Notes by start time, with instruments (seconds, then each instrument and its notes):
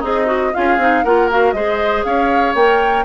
0.00 bassoon C4, oboe D#4, clarinet G#4, flute D#5
0.26 clarinet F#4
0.54 bassoon C#4, clarinet F4, oboe G#4, flute F5
0.78 bassoon C4, clarinet D#4
1.04 bassoon A#3, clarinet F4, oboe A#4, flute F#5
1.31 clarinet F#4, flute F5
1.52 bassoon G#3, clarinet G#4, oboe C5, flute D#5
2.04 bassoon C#4, oboe C#5, flute F5
2.55 bassoon A#3, clarinet A#4, flute G5